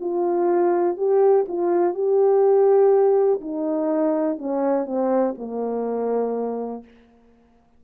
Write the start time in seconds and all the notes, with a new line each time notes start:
0.00 F4
0.97 G4
1.48 F4
1.94 G4
3.41 D#4
4.38 C#4
4.86 C4
5.37 A#3